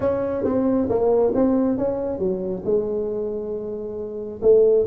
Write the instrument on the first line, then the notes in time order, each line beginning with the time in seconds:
tuba
0.00 C#4
0.44 C4
0.89 A#3
1.34 C4
1.77 C#4
2.18 F#3
2.64 G#3
4.42 A3